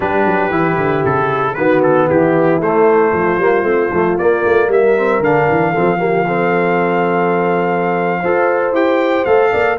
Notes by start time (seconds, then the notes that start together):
0.00 G3 D4 G4 B4
0.25 F#3
0.50 E3 E4
0.76 D3
1.05 C#3 A4
1.54 D#3 B3 F#4 B4
1.82 A4
2.07 E3 E4 G4
2.60 A3 C5
3.12 F3 F4
3.38 G3 A#3
3.62 A3 C4
3.91 F3 A3
4.18 A#3 D5
4.46 A3
4.68 G3 A#4 E5
4.96 C4
5.20 D3 D4 F5
5.49 E3
5.71 F3 C4 A4
5.98 A#3 G4
6.27 C4 A4
8.20 F4 A4 C5
8.72 E4 G4 G5
9.25 A3 A4 F5
9.51 A#3 D5